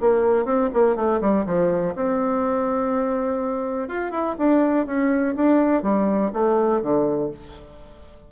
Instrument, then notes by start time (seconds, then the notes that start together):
bassoon
0.00 A#3
0.45 C4
0.73 A#3
0.95 A3
1.20 G3
1.45 F3
1.95 C4
3.88 F4
4.11 E4
4.38 D4
4.86 C#4
5.35 D4
5.82 G3
6.33 A3
6.81 D3